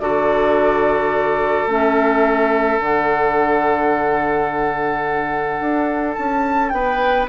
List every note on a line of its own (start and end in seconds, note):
0.00 1.67 D3
0.00 1.69 F#4
0.00 6.74 A4
0.00 1.68 D5
1.67 2.79 A3
1.67 2.81 C#4
1.67 2.79 E5
2.79 5.60 D3
2.79 7.29 D4
2.79 6.14 F#5
5.60 6.16 D4
6.14 6.72 C#4
6.14 6.70 A5
6.70 7.28 B3
6.70 7.29 B4
6.70 7.26 G5